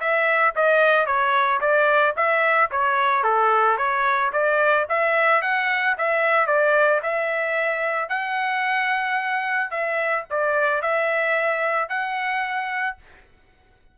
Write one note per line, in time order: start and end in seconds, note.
0.00 0.54 E5
0.56 1.06 D#5
1.06 1.60 C#5
1.61 2.15 D5
2.16 2.70 E5
2.71 3.24 C#5
3.24 3.77 A4
3.77 4.31 C#5
4.32 4.86 D5
4.89 5.42 E5
5.42 5.96 F#5
5.98 6.47 E5
6.47 7.01 D5
7.02 8.09 E5
8.09 9.71 F#5
9.71 10.25 E5
10.30 10.82 D5
10.82 11.89 E5
11.89 12.97 F#5